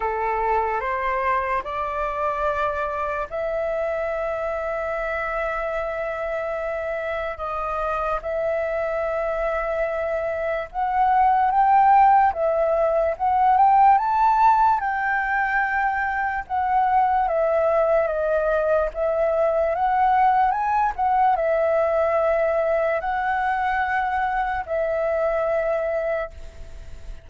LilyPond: \new Staff \with { instrumentName = "flute" } { \time 4/4 \tempo 4 = 73 a'4 c''4 d''2 | e''1~ | e''4 dis''4 e''2~ | e''4 fis''4 g''4 e''4 |
fis''8 g''8 a''4 g''2 | fis''4 e''4 dis''4 e''4 | fis''4 gis''8 fis''8 e''2 | fis''2 e''2 | }